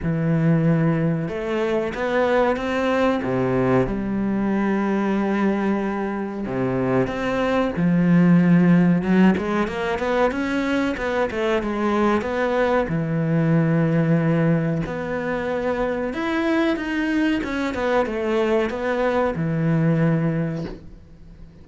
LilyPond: \new Staff \with { instrumentName = "cello" } { \time 4/4 \tempo 4 = 93 e2 a4 b4 | c'4 c4 g2~ | g2 c4 c'4 | f2 fis8 gis8 ais8 b8 |
cis'4 b8 a8 gis4 b4 | e2. b4~ | b4 e'4 dis'4 cis'8 b8 | a4 b4 e2 | }